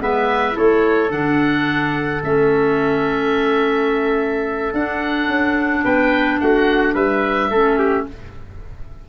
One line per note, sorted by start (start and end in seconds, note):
0.00 0.56 G#3
0.00 0.52 B3
0.00 0.56 B4
0.00 0.58 E5
0.52 1.07 E4
0.52 5.83 A4
0.58 1.11 A3
0.58 1.11 C#5
1.10 2.22 D3
1.10 2.21 D4
1.10 2.23 F#5
2.24 4.74 A3
2.24 4.73 C#4
2.24 4.74 E5
4.73 7.51 D4
4.73 5.28 D4
4.73 5.85 F#5
5.28 5.83 C#4
5.84 6.41 B3
5.84 6.40 B4
5.84 6.40 G5
6.40 6.95 A3
6.40 6.94 F#4
6.40 6.95 F#5
6.94 7.50 G3
6.94 7.50 B4
6.94 8.06 E5
7.50 8.06 A3
7.50 8.09 C#4
7.50 7.79 A4
7.79 8.06 G4